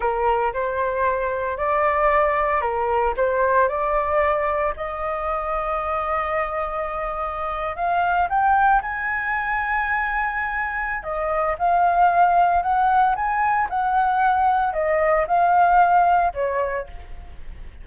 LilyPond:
\new Staff \with { instrumentName = "flute" } { \time 4/4 \tempo 4 = 114 ais'4 c''2 d''4~ | d''4 ais'4 c''4 d''4~ | d''4 dis''2.~ | dis''2~ dis''8. f''4 g''16~ |
g''8. gis''2.~ gis''16~ | gis''4 dis''4 f''2 | fis''4 gis''4 fis''2 | dis''4 f''2 cis''4 | }